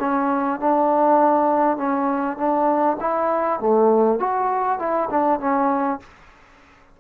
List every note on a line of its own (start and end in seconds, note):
0.00 0.60 C#4
0.60 1.77 D4
1.77 2.37 C#4
2.37 2.97 D4
3.00 3.60 E4
3.60 4.19 A3
4.19 4.79 F#4
4.79 5.09 E4
5.10 5.40 D4
5.40 6.00 C#4